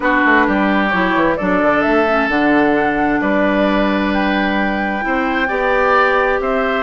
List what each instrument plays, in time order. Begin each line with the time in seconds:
0.00 bassoon B3, clarinet D4, oboe F#4, flute B4
0.25 bassoon A3
0.47 bassoon G3, oboe G4
0.88 bassoon F#3, clarinet E4, flute C#5
1.15 bassoon E3
1.36 bassoon F#3, clarinet D4, oboe A4, flute D5
1.62 bassoon D3
1.82 bassoon A3, flute E5
2.07 clarinet C#4
2.28 bassoon D3, clarinet D4, flute F#5
3.21 bassoon G3, oboe B4, flute D5
4.13 flute G5
5.01 bassoon C4, clarinet E4, oboe C5
5.48 bassoon B3, clarinet G4, oboe D5
6.40 bassoon C4, oboe C5, flute E5